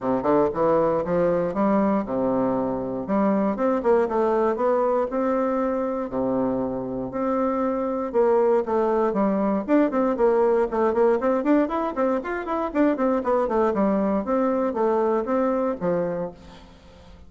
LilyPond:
\new Staff \with { instrumentName = "bassoon" } { \time 4/4 \tempo 4 = 118 c8 d8 e4 f4 g4 | c2 g4 c'8 ais8 | a4 b4 c'2 | c2 c'2 |
ais4 a4 g4 d'8 c'8 | ais4 a8 ais8 c'8 d'8 e'8 c'8 | f'8 e'8 d'8 c'8 b8 a8 g4 | c'4 a4 c'4 f4 | }